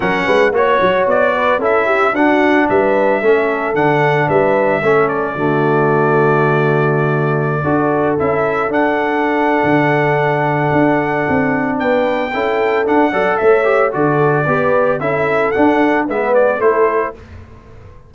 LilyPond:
<<
  \new Staff \with { instrumentName = "trumpet" } { \time 4/4 \tempo 4 = 112 fis''4 cis''4 d''4 e''4 | fis''4 e''2 fis''4 | e''4. d''2~ d''8~ | d''2.~ d''16 e''8.~ |
e''16 fis''2.~ fis''8.~ | fis''2 g''2 | fis''4 e''4 d''2 | e''4 fis''4 e''8 d''8 c''4 | }
  \new Staff \with { instrumentName = "horn" } { \time 4/4 ais'8 b'8 cis''4. b'8 a'8 g'8 | fis'4 b'4 a'2 | b'4 a'4 fis'2~ | fis'2~ fis'16 a'4.~ a'16~ |
a'1~ | a'2 b'4 a'4~ | a'8 d''8 cis''4 a'4 b'4 | a'2 b'4 a'4 | }
  \new Staff \with { instrumentName = "trombone" } { \time 4/4 cis'4 fis'2 e'4 | d'2 cis'4 d'4~ | d'4 cis'4 a2~ | a2~ a16 fis'4 e'8.~ |
e'16 d'2.~ d'8.~ | d'2. e'4 | d'8 a'4 g'8 fis'4 g'4 | e'4 d'4 b4 e'4 | }
  \new Staff \with { instrumentName = "tuba" } { \time 4/4 fis8 gis8 ais8 fis8 b4 cis'4 | d'4 g4 a4 d4 | g4 a4 d2~ | d2~ d16 d'4 cis'8.~ |
cis'16 d'4.~ d'16 d2 | d'4 c'4 b4 cis'4 | d'8 fis8 a4 d4 b4 | cis'4 d'4 gis4 a4 | }
>>